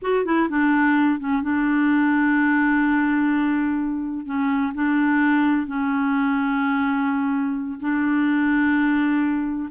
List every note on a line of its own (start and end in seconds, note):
0.02 0.25 F#4
0.25 0.48 E4
0.49 1.19 D4
1.19 1.42 C#4
1.42 4.25 D4
4.25 4.72 C#4
4.74 5.66 D4
5.66 7.79 C#4
7.80 9.69 D4